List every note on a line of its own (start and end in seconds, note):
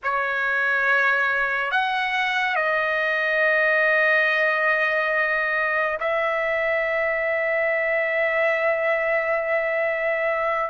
0.03 1.71 C#5
1.71 2.55 F#5
2.55 5.98 D#5
6.00 10.70 E5